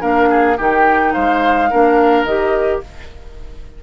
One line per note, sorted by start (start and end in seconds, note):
0.00 0.59 A#3
0.00 0.56 D4
0.00 0.29 A#4
0.00 0.58 F5
0.30 0.57 G#4
0.57 1.15 D#3
0.57 1.71 D#4
0.57 1.13 G4
0.57 1.13 G5
1.13 1.72 G#3
1.13 1.70 C5
1.13 2.25 F5
1.70 2.24 A#3
1.70 2.27 D4
1.70 2.82 A#4
2.24 2.80 D#3
2.24 2.83 G4
2.24 2.81 D#5